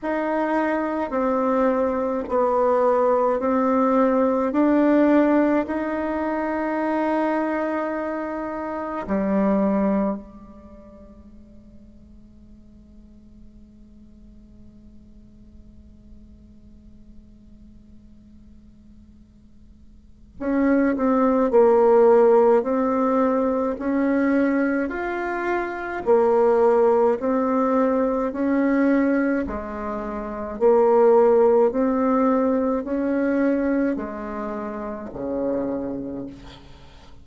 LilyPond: \new Staff \with { instrumentName = "bassoon" } { \time 4/4 \tempo 4 = 53 dis'4 c'4 b4 c'4 | d'4 dis'2. | g4 gis2.~ | gis1~ |
gis2 cis'8 c'8 ais4 | c'4 cis'4 f'4 ais4 | c'4 cis'4 gis4 ais4 | c'4 cis'4 gis4 cis4 | }